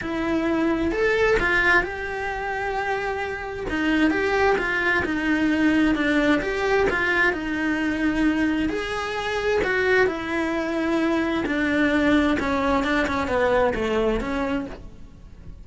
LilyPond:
\new Staff \with { instrumentName = "cello" } { \time 4/4 \tempo 4 = 131 e'2 a'4 f'4 | g'1 | dis'4 g'4 f'4 dis'4~ | dis'4 d'4 g'4 f'4 |
dis'2. gis'4~ | gis'4 fis'4 e'2~ | e'4 d'2 cis'4 | d'8 cis'8 b4 a4 cis'4 | }